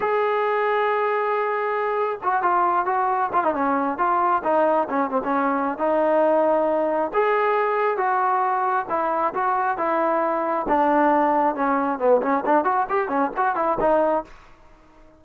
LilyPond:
\new Staff \with { instrumentName = "trombone" } { \time 4/4 \tempo 4 = 135 gis'1~ | gis'4 fis'8 f'4 fis'4 f'16 dis'16 | cis'4 f'4 dis'4 cis'8 c'16 cis'16~ | cis'4 dis'2. |
gis'2 fis'2 | e'4 fis'4 e'2 | d'2 cis'4 b8 cis'8 | d'8 fis'8 g'8 cis'8 fis'8 e'8 dis'4 | }